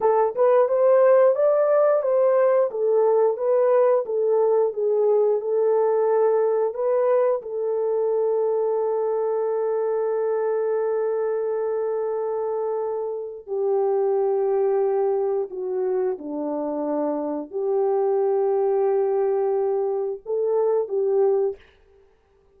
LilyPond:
\new Staff \with { instrumentName = "horn" } { \time 4/4 \tempo 4 = 89 a'8 b'8 c''4 d''4 c''4 | a'4 b'4 a'4 gis'4 | a'2 b'4 a'4~ | a'1~ |
a'1 | g'2. fis'4 | d'2 g'2~ | g'2 a'4 g'4 | }